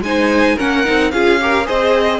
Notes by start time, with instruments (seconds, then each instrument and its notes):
0.00 cello G#3, viola D#4, violin C5 G#5
0.56 cello A#3, viola C#4, violin A#4 F#5
0.84 cello C4, viola D#4
1.11 cello C#4, viola F4, violin G#4 F5
1.41 viola G4, violin A#4
1.64 cello C4, viola G#4, violin C5 D#5